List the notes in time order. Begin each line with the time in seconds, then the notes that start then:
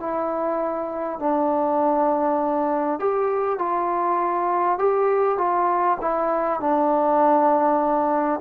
0.00 E4
1.19 D4
2.99 G4
3.58 F4
4.78 G4
5.38 F4
6.01 E4
6.60 D4